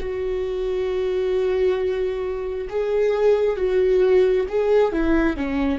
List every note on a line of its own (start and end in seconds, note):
0.00 2.69 F#4
2.70 3.57 G#4
3.57 4.47 F#4
4.49 4.93 G#4
4.93 5.37 E4
5.37 5.79 C#4